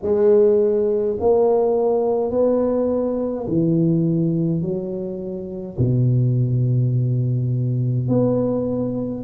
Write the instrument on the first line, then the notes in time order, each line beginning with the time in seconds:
tuba
0.02 G#3
1.20 A#3
2.31 B3
3.47 E3
4.62 F#3
5.77 B2
8.08 B3